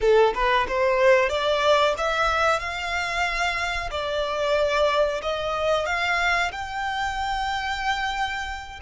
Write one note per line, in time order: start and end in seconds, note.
0.01 0.33 A4
0.34 0.66 B4
0.68 1.29 C5
1.29 1.94 D5
1.97 2.59 E5
2.59 3.90 F5
3.90 5.21 D5
5.22 5.85 D#5
5.85 6.51 F5
6.51 8.80 G5